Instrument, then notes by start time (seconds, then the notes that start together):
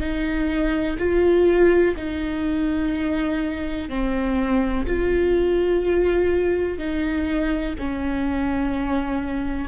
viola
0.00 D#4
0.99 F4
1.96 D#4
3.89 C4
4.87 F4
6.78 D#4
7.79 C#4